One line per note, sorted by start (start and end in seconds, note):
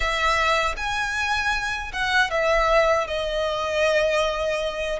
0.00 0.75 E5
0.76 1.92 G#5
1.92 2.30 F#5
2.30 3.07 E5
3.07 4.99 D#5